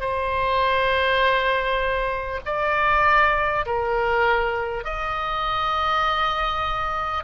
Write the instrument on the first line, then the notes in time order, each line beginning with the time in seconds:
oboe
0.00 C5
2.45 D5
3.66 A#4
4.84 D#5